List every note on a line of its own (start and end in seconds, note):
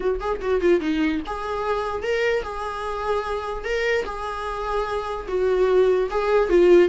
0.00 0.19 F#4
0.20 0.40 G#4
0.41 0.60 F#4
0.60 0.80 F4
0.80 1.21 D#4
1.26 2.03 G#4
2.03 2.43 A#4
2.43 3.64 G#4
3.64 4.04 A#4
4.05 5.26 G#4
5.28 6.09 F#4
6.10 6.49 G#4
6.49 6.88 F4